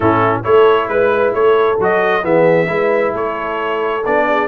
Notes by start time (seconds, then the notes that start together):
0.00 A2 C#4 E4 A4
0.43 A3 E4 A4 C#5
0.88 G#3 B4
1.33 A3 A4 C#5
1.78 F#3 F#4 D#5
2.22 E3 B3 G#4 E5
2.67 G#3 E4 B4
3.13 A3 A4 C#5
4.05 B3 D4 D5
4.28 G#4